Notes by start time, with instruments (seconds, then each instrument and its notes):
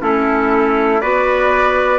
0.00 bassoon A3, clarinet C#4, trumpet E4, flute A4
1.01 bassoon B3, clarinet F#4, trumpet B4, flute D5